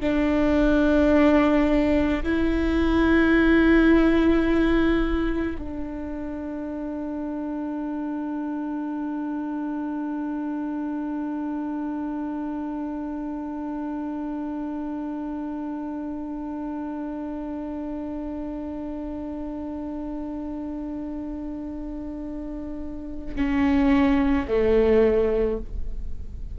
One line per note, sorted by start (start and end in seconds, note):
0.00 2.22 D4
2.23 5.56 E4
5.58 23.35 D4
23.35 24.46 C#4
24.47 25.58 A3